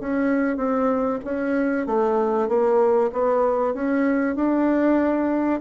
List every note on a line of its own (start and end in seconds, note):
0.00 0.57 C#4
0.57 1.19 C4
1.24 1.86 C#4
1.86 2.48 A3
2.48 3.11 A#3
3.12 3.74 B3
3.74 4.36 C#4
4.36 5.61 D4